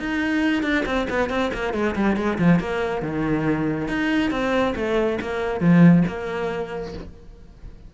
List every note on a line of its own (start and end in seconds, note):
0.00 0.63 D#4
0.63 0.85 D4
0.86 1.07 C4
1.10 1.30 B3
1.30 1.52 C4
1.54 1.74 A#3
1.74 1.95 G#3
1.96 2.17 G3
2.17 2.38 G#3
2.39 2.60 F3
2.60 3.02 A#3
3.02 3.88 D#3
3.88 4.31 D#4
4.31 4.74 C4
4.76 5.19 A3
5.22 5.61 A#3
5.61 6.04 F3
6.08 6.94 A#3